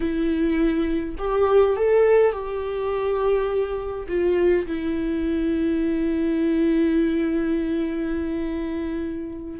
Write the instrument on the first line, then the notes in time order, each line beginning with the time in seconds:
viola
0.00 E4
1.18 G4
1.76 A4
2.32 G4
4.08 F4
4.66 E4